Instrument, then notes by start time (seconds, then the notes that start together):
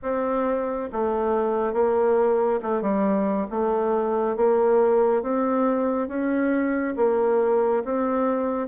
bassoon
0.02 C4
0.92 A3
1.73 A#3
2.62 A3
2.81 G3
3.50 A3
4.36 A#3
5.22 C4
6.08 C#4
6.96 A#3
7.84 C4